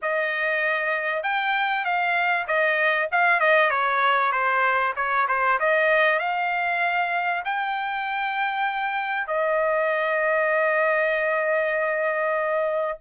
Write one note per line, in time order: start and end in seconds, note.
0.02 1.23 D#5
1.23 1.84 G5
1.84 2.46 F5
2.47 3.08 D#5
3.11 3.40 F5
3.40 3.70 D#5
3.70 4.32 C#5
4.32 4.93 C5
4.96 5.27 C#5
5.27 5.58 C5
5.59 6.19 D#5
6.19 7.43 F5
7.44 9.27 G5
9.27 12.98 D#5